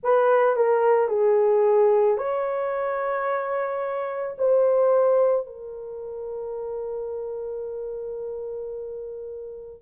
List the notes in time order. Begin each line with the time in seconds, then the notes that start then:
0.03 B4
0.56 A#4
1.08 G#4
2.17 C#5
4.38 C5
5.46 A#4